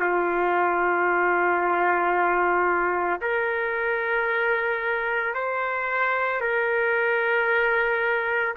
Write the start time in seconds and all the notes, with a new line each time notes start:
0.00 F4
3.21 A#4
5.35 C5
6.41 A#4